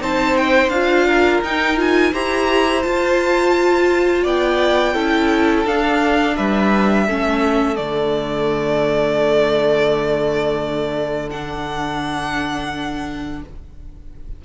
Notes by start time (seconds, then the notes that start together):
0.00 C4 D#4 C5 A5
0.37 G5
0.70 D4 F4 F5
1.07 A#4
1.42 D#4 G5
1.77 F4 G#5
2.13 E4 G4 C5 A#5
2.83 F4 A5
4.23 B3 D5 G5
4.94 C#4 E4 A4
5.66 D4 F5
6.37 G3 B4 E5
7.06 A3 C#4 A4
7.76 D3 A3 D5
11.31 D4 F#5